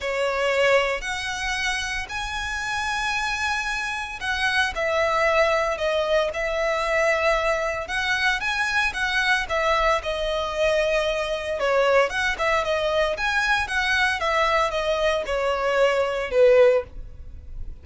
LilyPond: \new Staff \with { instrumentName = "violin" } { \time 4/4 \tempo 4 = 114 cis''2 fis''2 | gis''1 | fis''4 e''2 dis''4 | e''2. fis''4 |
gis''4 fis''4 e''4 dis''4~ | dis''2 cis''4 fis''8 e''8 | dis''4 gis''4 fis''4 e''4 | dis''4 cis''2 b'4 | }